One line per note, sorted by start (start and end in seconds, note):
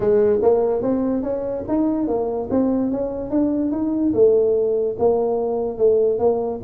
0.00 0.39 G#3
0.42 0.82 A#3
0.82 1.22 C4
1.22 1.64 C#4
1.68 2.07 D#4
2.07 2.48 A#3
2.50 2.91 C4
2.91 3.30 C#4
3.30 3.71 D4
3.71 4.13 D#4
4.13 4.96 A3
4.98 5.78 A#3
5.78 6.18 A3
6.18 6.60 A#3